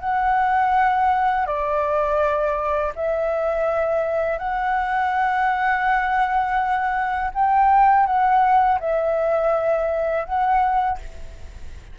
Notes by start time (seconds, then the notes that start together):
0.00 F#5
1.46 D5
2.96 E5
4.38 F#5
7.34 G5
8.06 F#5
8.80 E5
10.25 F#5